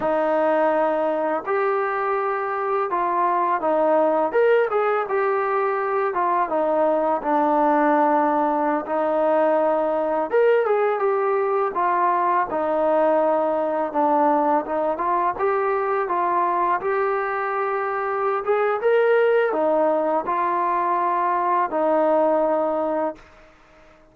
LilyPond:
\new Staff \with { instrumentName = "trombone" } { \time 4/4 \tempo 4 = 83 dis'2 g'2 | f'4 dis'4 ais'8 gis'8 g'4~ | g'8 f'8 dis'4 d'2~ | d'16 dis'2 ais'8 gis'8 g'8.~ |
g'16 f'4 dis'2 d'8.~ | d'16 dis'8 f'8 g'4 f'4 g'8.~ | g'4. gis'8 ais'4 dis'4 | f'2 dis'2 | }